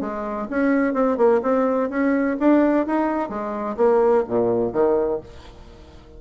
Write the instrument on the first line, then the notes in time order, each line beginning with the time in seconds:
bassoon
0.00 G#3
0.50 C#4
0.93 C4
1.17 A#3
1.42 C4
1.89 C#4
2.39 D4
2.86 D#4
3.29 G#3
3.77 A#3
4.28 A#2
4.73 D#3